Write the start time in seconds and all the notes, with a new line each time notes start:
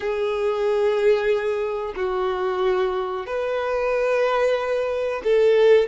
0.00 G#4
1.96 F#4
3.26 B4
5.24 A4